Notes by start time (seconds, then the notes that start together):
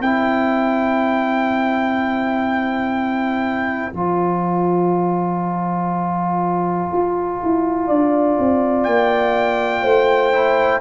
0.00 C4 E4 C5 G5
3.93 F3 F4 A5
6.93 F4
7.43 E4
7.87 D4 D5
8.39 C4
8.84 A#3 G5
9.82 A3 C5
10.33 E4